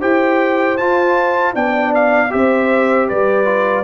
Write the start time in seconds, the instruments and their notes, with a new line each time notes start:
0.00 tuba E4, trombone G4, horn C5, trumpet G5
0.77 tuba F4, trombone F4, trumpet A5
1.54 tuba B3, trombone D4, horn D5, trumpet G5
1.94 trumpet F5
2.30 tuba C4, trombone G4, horn C5, trumpet E5
3.08 tuba G3, horn B4, trumpet D5
3.45 trombone F4